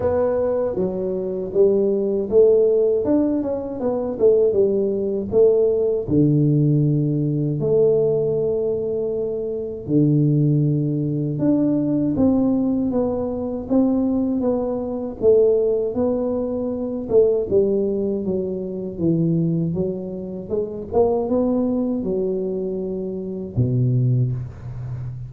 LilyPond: \new Staff \with { instrumentName = "tuba" } { \time 4/4 \tempo 4 = 79 b4 fis4 g4 a4 | d'8 cis'8 b8 a8 g4 a4 | d2 a2~ | a4 d2 d'4 |
c'4 b4 c'4 b4 | a4 b4. a8 g4 | fis4 e4 fis4 gis8 ais8 | b4 fis2 b,4 | }